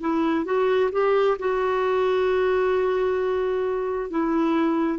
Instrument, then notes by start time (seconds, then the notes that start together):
clarinet
0.00 E4
0.45 F#4
0.91 G4
1.38 F#4
4.10 E4